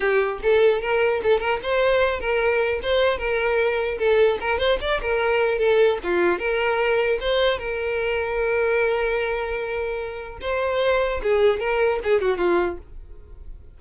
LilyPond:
\new Staff \with { instrumentName = "violin" } { \time 4/4 \tempo 4 = 150 g'4 a'4 ais'4 a'8 ais'8 | c''4. ais'4. c''4 | ais'2 a'4 ais'8 c''8 | d''8 ais'4. a'4 f'4 |
ais'2 c''4 ais'4~ | ais'1~ | ais'2 c''2 | gis'4 ais'4 gis'8 fis'8 f'4 | }